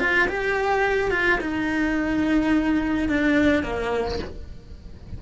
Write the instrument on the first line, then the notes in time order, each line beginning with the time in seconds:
cello
0.00 F4
0.29 G4
1.11 F4
1.41 D#4
3.09 D4
3.63 A#3